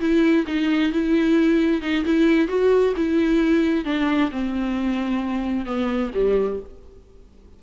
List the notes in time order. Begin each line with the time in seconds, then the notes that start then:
0.00 E4
0.47 D#4
0.92 E4
1.82 D#4
2.05 E4
2.48 F#4
2.97 E4
3.85 D4
4.32 C4
5.66 B3
6.14 G3